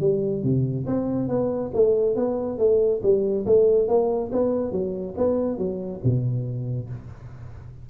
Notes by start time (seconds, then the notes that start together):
0.00 G3
0.43 C3
0.86 C4
1.28 B3
1.74 A3
2.15 B3
2.58 A3
3.03 G3
3.46 A3
3.88 A#3
4.32 B3
4.71 F#3
5.17 B3
5.58 F#3
6.04 B2